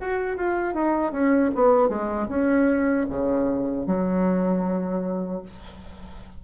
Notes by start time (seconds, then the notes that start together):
0.00 F#4
0.36 F4
0.74 D#4
1.12 C#4
1.54 B3
1.88 G#3
2.28 C#4
3.09 C#3
3.86 F#3